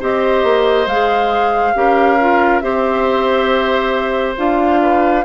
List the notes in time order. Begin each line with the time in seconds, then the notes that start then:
0.00 C4 G4 C5 D#5
0.43 A#3
0.87 G#3 G#4 F5
1.74 C#4 G4 A#4
2.20 F4
2.60 C4 G4 C5 E5
4.37 D4 F4 F5
4.82 B4